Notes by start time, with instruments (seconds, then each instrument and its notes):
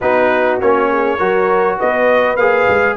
0.00 tuba B3, trombone D#4, horn F#4, trumpet B4
0.60 tuba A#3, trombone C#4, trumpet C#5
0.90 horn G#4
1.17 tuba F#3, trombone F#4, horn A#4
1.78 tuba B3, horn B4, trumpet D#5
2.36 tuba A#3, trombone G#4, trumpet F5
2.68 tuba G#3